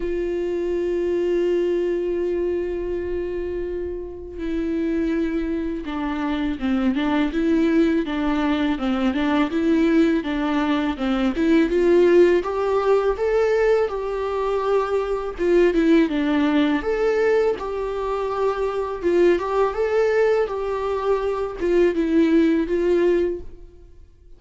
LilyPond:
\new Staff \with { instrumentName = "viola" } { \time 4/4 \tempo 4 = 82 f'1~ | f'2 e'2 | d'4 c'8 d'8 e'4 d'4 | c'8 d'8 e'4 d'4 c'8 e'8 |
f'4 g'4 a'4 g'4~ | g'4 f'8 e'8 d'4 a'4 | g'2 f'8 g'8 a'4 | g'4. f'8 e'4 f'4 | }